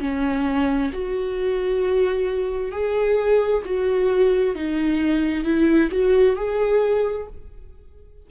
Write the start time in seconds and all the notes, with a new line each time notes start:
0.00 C#4
0.93 F#4
2.71 G#4
3.65 F#4
4.55 D#4
5.44 E4
5.91 F#4
6.36 G#4